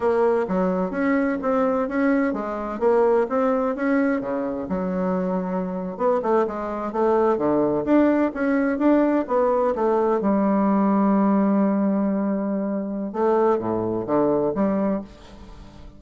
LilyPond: \new Staff \with { instrumentName = "bassoon" } { \time 4/4 \tempo 4 = 128 ais4 fis4 cis'4 c'4 | cis'4 gis4 ais4 c'4 | cis'4 cis4 fis2~ | fis8. b8 a8 gis4 a4 d16~ |
d8. d'4 cis'4 d'4 b16~ | b8. a4 g2~ g16~ | g1 | a4 a,4 d4 g4 | }